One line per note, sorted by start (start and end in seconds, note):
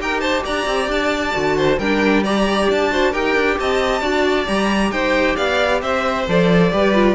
0.00 0.45 D#4
0.00 1.34 G4
0.00 0.21 A#4
0.00 0.21 G5
0.21 0.44 C5
0.21 0.43 A5
0.45 0.66 D4
0.45 1.57 D5
0.45 0.90 A#5
0.66 0.89 C4
0.89 1.33 D4
0.89 1.79 A5
1.34 1.79 D3
1.34 1.78 F#4
1.57 1.79 C5
1.79 2.68 G3
1.79 2.25 D4
1.79 2.24 A#4
1.79 2.24 G5
2.24 2.91 G4
2.24 2.91 D5
2.24 2.70 A#5
2.70 3.14 D4
2.70 3.14 A5
2.91 3.13 F#4
2.91 3.12 C5
3.12 3.36 D#4
3.12 4.02 G4
3.12 3.56 A#4
3.12 3.59 G5
3.36 3.58 D4
3.59 4.02 C4
3.59 4.02 D#5
3.59 4.48 A5
4.02 4.46 D4
4.02 4.45 F#4
4.02 4.91 D5
4.45 4.92 G3
4.45 6.24 G4
4.45 4.92 A#5
4.92 5.37 D#4
4.92 5.36 C5
4.92 5.36 G5
5.36 5.82 B3
5.36 5.81 D5
5.36 5.81 F5
5.82 6.27 C4
5.82 6.72 C5
5.82 6.27 E5
6.28 6.73 F3
6.28 6.72 A4
6.28 7.15 D5
6.72 7.15 G3
6.72 6.95 G4
6.72 7.15 B4
6.95 7.15 F4